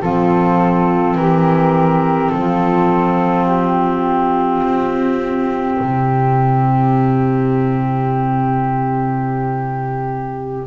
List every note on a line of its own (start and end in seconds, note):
0.00 1.15 F3
0.00 10.67 C4
0.00 1.15 F4
0.00 1.17 A4
1.15 2.31 E3
1.15 2.33 G4
1.15 2.30 A#4
2.30 4.63 F3
2.30 5.78 F4
2.30 3.45 A4
3.47 10.67 G4
4.63 5.79 C4
5.78 10.67 C3
5.78 10.67 E4